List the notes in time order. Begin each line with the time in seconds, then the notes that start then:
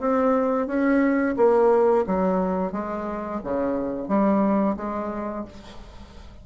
0.00 C4
0.67 C#4
1.37 A#3
2.07 F#3
2.73 G#3
3.44 C#3
4.08 G3
4.77 G#3